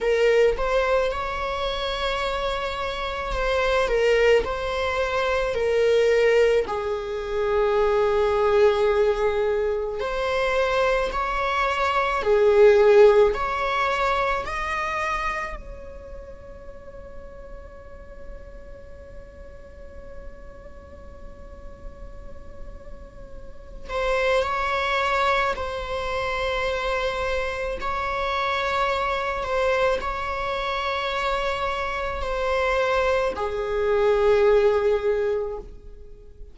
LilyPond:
\new Staff \with { instrumentName = "viola" } { \time 4/4 \tempo 4 = 54 ais'8 c''8 cis''2 c''8 ais'8 | c''4 ais'4 gis'2~ | gis'4 c''4 cis''4 gis'4 | cis''4 dis''4 cis''2~ |
cis''1~ | cis''4. c''8 cis''4 c''4~ | c''4 cis''4. c''8 cis''4~ | cis''4 c''4 gis'2 | }